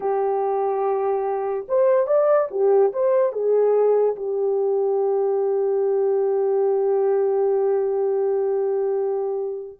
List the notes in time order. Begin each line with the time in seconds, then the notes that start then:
0.00 G4
1.68 C5
2.06 D5
2.50 G4
2.92 C5
3.32 G#4
4.16 G4